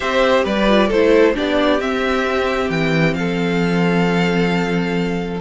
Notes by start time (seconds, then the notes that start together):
0.00 C4 G4 C5 E5
0.43 G3 B4 D5
0.68 F4
0.87 A3 A4 C5
0.93 E4
1.34 B3 D4 G4 D5
1.80 C4 E5
2.69 E3 G5
3.14 F3 A4 F5